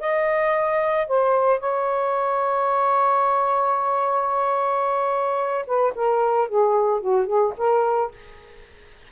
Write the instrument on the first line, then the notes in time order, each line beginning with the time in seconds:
saxophone
0.00 D#5
1.08 C5
1.60 C#5
5.67 B4
5.95 A#4
6.49 G#4
7.01 F#4
7.27 G#4
7.58 A#4